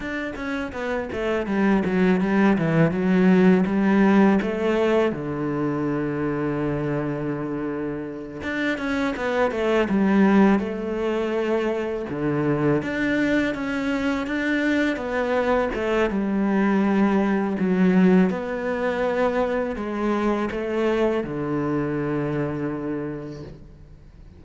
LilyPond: \new Staff \with { instrumentName = "cello" } { \time 4/4 \tempo 4 = 82 d'8 cis'8 b8 a8 g8 fis8 g8 e8 | fis4 g4 a4 d4~ | d2.~ d8 d'8 | cis'8 b8 a8 g4 a4.~ |
a8 d4 d'4 cis'4 d'8~ | d'8 b4 a8 g2 | fis4 b2 gis4 | a4 d2. | }